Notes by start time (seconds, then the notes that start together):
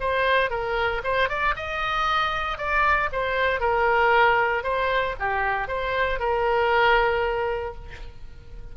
0.00 C5
0.50 A#4
1.04 C5
1.29 D5
1.56 D#5
2.58 D5
3.12 C5
3.60 A#4
4.63 C5
5.20 G4
5.68 C5
6.20 A#4